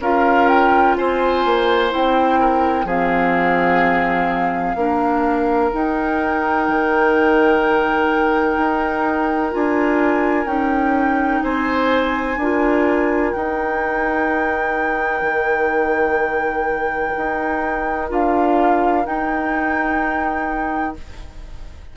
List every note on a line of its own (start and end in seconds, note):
0.00 0.95 C#4
0.00 1.89 F4
0.00 0.96 A#4
0.00 0.47 F5
0.47 0.95 G5
0.96 1.45 C4
0.96 2.40 C5
0.96 1.91 G#5
1.45 1.92 A#3
1.89 2.84 C4
1.89 2.85 E4
1.89 2.88 G5
2.40 2.85 A#4
2.84 4.75 F3
2.84 4.77 C4
2.84 4.76 G#4
2.84 5.73 F5
4.75 5.70 A#3
4.75 5.71 D4
4.75 11.43 A#4
5.71 9.51 D#4
5.71 6.68 D#4
5.71 9.53 G5
6.68 8.57 D#3
8.57 9.52 D#4
9.51 10.45 D4
9.51 10.46 F4
9.51 10.47 G#5
10.45 11.40 C#4
10.45 12.36 D#4
10.45 11.42 G5
11.42 12.37 C4
11.42 12.38 C5
11.42 13.32 G#5
12.37 13.32 D4
12.37 13.36 F4
12.37 20.95 A#4
13.32 15.21 D#4
13.32 18.08 D#4
13.32 18.08 G5
15.21 17.12 D#3
17.16 18.10 D#4
18.08 19.05 D4
18.08 19.04 F4
18.08 19.05 F5
19.04 20.94 D#4
19.04 20.96 D#4
19.04 20.96 G5